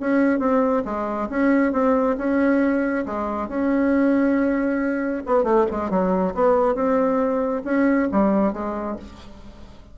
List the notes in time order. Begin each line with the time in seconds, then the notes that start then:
0.00 C#4
0.39 C4
0.84 G#3
1.29 C#4
1.72 C4
2.18 C#4
3.06 G#3
3.48 C#4
5.26 B3
5.43 A3
5.71 G#3
5.90 F#3
6.34 B3
6.75 C4
7.64 C#4
8.11 G3
8.53 G#3